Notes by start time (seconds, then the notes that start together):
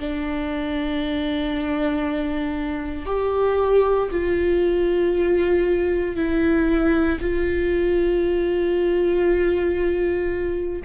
0.00 D4
3.06 G4
4.11 F4
6.16 E4
7.21 F4